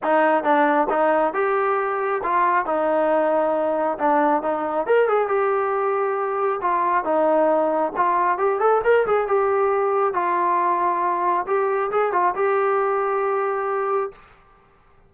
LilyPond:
\new Staff \with { instrumentName = "trombone" } { \time 4/4 \tempo 4 = 136 dis'4 d'4 dis'4 g'4~ | g'4 f'4 dis'2~ | dis'4 d'4 dis'4 ais'8 gis'8 | g'2. f'4 |
dis'2 f'4 g'8 a'8 | ais'8 gis'8 g'2 f'4~ | f'2 g'4 gis'8 f'8 | g'1 | }